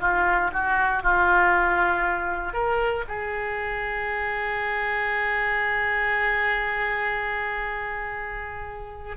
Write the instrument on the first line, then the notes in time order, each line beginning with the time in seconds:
oboe
0.00 F4
0.53 F#4
1.03 F4
2.53 A#4
3.08 G#4